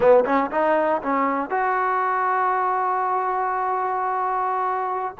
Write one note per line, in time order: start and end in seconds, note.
0.00 0.24 B3
0.25 0.50 C#4
0.51 1.01 D#4
1.02 1.50 C#4
1.50 5.15 F#4